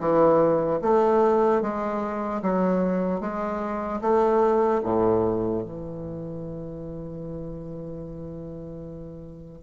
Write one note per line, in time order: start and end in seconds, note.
0.00 0.80 E3
0.82 1.62 A3
1.62 2.42 G#3
2.42 3.21 F#3
3.21 4.01 G#3
4.01 4.81 A3
4.84 5.64 A2
5.64 9.63 E3